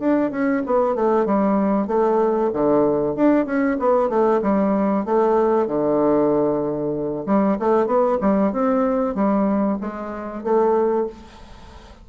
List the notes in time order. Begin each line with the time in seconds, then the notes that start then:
0.00 D4
0.31 C#4
0.67 B3
0.96 A3
1.26 G3
1.88 A3
2.54 D3
3.16 D4
3.46 C#4
3.80 B3
4.10 A3
4.43 G3
5.06 A3
5.68 D3
7.27 G3
7.60 A3
7.87 B3
8.21 G3
8.53 C4
9.15 G3
9.81 G#3
10.44 A3